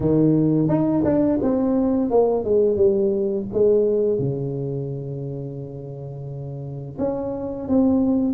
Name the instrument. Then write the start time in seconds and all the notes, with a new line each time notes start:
tuba
0.00 D#3
0.68 D#4
1.04 D4
1.41 C4
2.10 A#3
2.44 G#3
2.76 G3
3.53 G#3
4.18 C#3
6.98 C#4
7.68 C4